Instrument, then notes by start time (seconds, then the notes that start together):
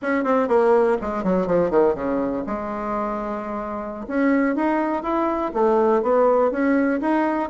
bassoon
0.02 C#4
0.23 C4
0.48 A#3
1.01 G#3
1.23 F#3
1.46 F3
1.70 D#3
1.94 C#3
2.46 G#3
4.07 C#4
4.55 D#4
5.03 E4
5.53 A3
6.02 B3
6.51 C#4
7.01 D#4